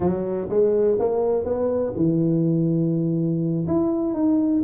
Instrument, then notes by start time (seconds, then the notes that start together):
tuba
0.00 F#3
0.49 G#3
0.99 A#3
1.44 B3
1.96 E3
3.67 E4
4.14 D#4